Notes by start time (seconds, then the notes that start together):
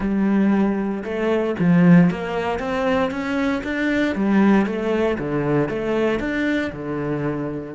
0.00 G3
1.03 A3
1.59 F3
2.10 A#3
2.59 C4
3.10 C#4
3.63 D4
4.15 G3
4.66 A3
5.18 D3
5.68 A3
6.19 D4
6.72 D3